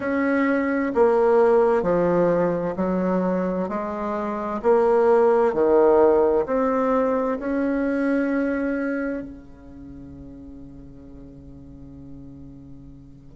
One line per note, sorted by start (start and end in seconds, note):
0.00 0.92 C#4
0.94 1.82 A#3
1.82 2.74 F3
2.76 3.68 F#3
3.68 4.61 G#3
4.62 5.53 A#3
5.53 6.45 D#3
6.46 7.38 C4
7.38 9.23 C#4
9.23 13.36 C#3